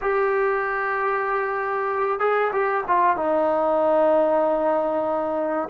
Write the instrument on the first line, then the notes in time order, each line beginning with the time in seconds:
trombone
0.01 G4
2.19 G#4
2.52 G4
2.87 F4
3.16 D#4